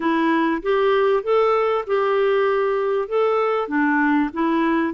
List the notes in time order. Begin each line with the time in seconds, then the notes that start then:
0.00 E4
0.62 G4
1.23 A4
1.86 G4
3.08 A4
3.68 D4
4.33 E4